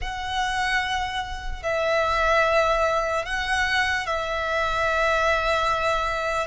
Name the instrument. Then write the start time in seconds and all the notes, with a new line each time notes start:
violin
0.01 F#5
1.63 E5
3.25 F#5
4.06 E5